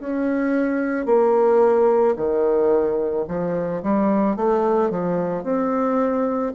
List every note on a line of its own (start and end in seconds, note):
0.00 1.06 C#4
1.06 2.15 A#3
2.16 3.25 D#3
3.28 3.82 F3
3.83 4.36 G3
4.36 4.90 A3
4.90 5.43 F3
5.43 6.53 C4